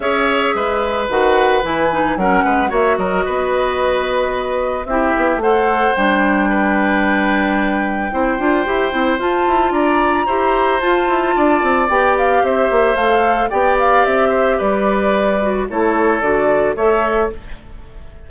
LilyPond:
<<
  \new Staff \with { instrumentName = "flute" } { \time 4/4 \tempo 4 = 111 e''2 fis''4 gis''4 | fis''4 e''8 dis''2~ dis''8~ | dis''4 e''4 fis''4 g''4~ | g''1~ |
g''4 a''4 ais''2 | a''2 g''8 f''8 e''4 | f''4 g''8 f''8 e''4 d''4~ | d''4 cis''4 d''4 e''4 | }
  \new Staff \with { instrumentName = "oboe" } { \time 4/4 cis''4 b'2. | ais'8 b'8 cis''8 ais'8 b'2~ | b'4 g'4 c''2 | b'2. c''4~ |
c''2 d''4 c''4~ | c''4 d''2 c''4~ | c''4 d''4. c''8 b'4~ | b'4 a'2 cis''4 | }
  \new Staff \with { instrumentName = "clarinet" } { \time 4/4 gis'2 fis'4 e'8 dis'8 | cis'4 fis'2.~ | fis'4 e'4 a'4 d'4~ | d'2. e'8 f'8 |
g'8 e'8 f'2 g'4 | f'2 g'2 | a'4 g'2.~ | g'8 fis'8 e'4 fis'4 a'4 | }
  \new Staff \with { instrumentName = "bassoon" } { \time 4/4 cis'4 gis4 dis4 e4 | fis8 gis8 ais8 fis8 b2~ | b4 c'8 b8 a4 g4~ | g2. c'8 d'8 |
e'8 c'8 f'8 e'8 d'4 e'4 | f'8 e'8 d'8 c'8 b4 c'8 ais8 | a4 b4 c'4 g4~ | g4 a4 d4 a4 | }
>>